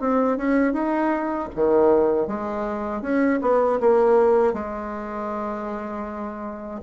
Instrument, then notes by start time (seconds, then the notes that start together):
bassoon
0.00 C4
0.37 C#4
0.72 D#4
1.55 D#3
2.27 G#3
3.01 C#4
3.41 B3
3.80 A#3
4.53 G#3